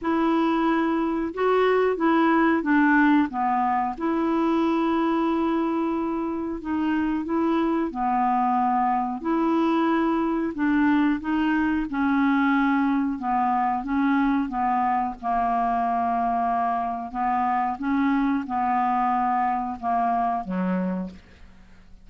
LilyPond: \new Staff \with { instrumentName = "clarinet" } { \time 4/4 \tempo 4 = 91 e'2 fis'4 e'4 | d'4 b4 e'2~ | e'2 dis'4 e'4 | b2 e'2 |
d'4 dis'4 cis'2 | b4 cis'4 b4 ais4~ | ais2 b4 cis'4 | b2 ais4 fis4 | }